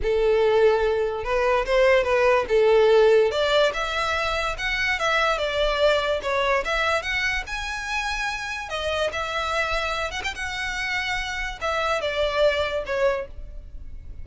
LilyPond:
\new Staff \with { instrumentName = "violin" } { \time 4/4 \tempo 4 = 145 a'2. b'4 | c''4 b'4 a'2 | d''4 e''2 fis''4 | e''4 d''2 cis''4 |
e''4 fis''4 gis''2~ | gis''4 dis''4 e''2~ | e''8 fis''16 g''16 fis''2. | e''4 d''2 cis''4 | }